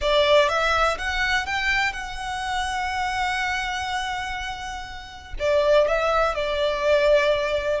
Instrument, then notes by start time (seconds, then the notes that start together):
violin
0.01 D5
0.49 E5
0.98 F#5
1.45 G5
1.92 F#5
5.39 D5
5.87 E5
6.34 D5